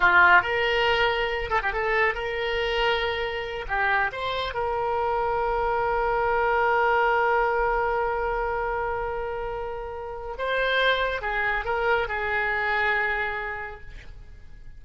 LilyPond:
\new Staff \with { instrumentName = "oboe" } { \time 4/4 \tempo 4 = 139 f'4 ais'2~ ais'8 a'16 g'16 | a'4 ais'2.~ | ais'8 g'4 c''4 ais'4.~ | ais'1~ |
ais'1~ | ais'1 | c''2 gis'4 ais'4 | gis'1 | }